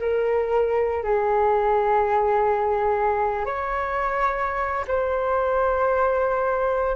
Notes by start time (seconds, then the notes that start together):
0.00 A#4
1.04 G#4
3.46 C#5
4.88 C5